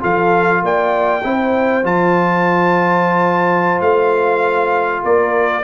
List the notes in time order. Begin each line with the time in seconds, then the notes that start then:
0.00 F3 F4 A4 F5
0.62 A#3 D5 G5
1.23 C4 E4 C5
1.83 F3 F4 A5
3.81 A3 F5
5.02 A#3 A#4 D5